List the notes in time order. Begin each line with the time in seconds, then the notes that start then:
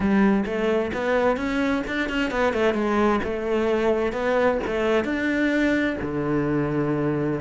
0.00 G3
0.45 A3
0.93 B3
1.36 C#4
1.87 D4
2.09 C#4
2.30 B3
2.53 A3
2.73 G#3
3.23 A3
4.12 B3
4.66 A3
5.04 D4
6.01 D3